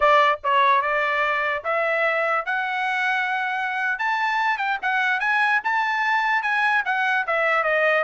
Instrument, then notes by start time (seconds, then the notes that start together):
trumpet
0.00 D5
0.43 C#5
0.81 D5
1.64 E5
2.45 F#5
3.98 A5
4.57 G5
4.82 F#5
5.20 G#5
5.64 A5
6.42 G#5
6.85 F#5
7.26 E5
7.63 D#5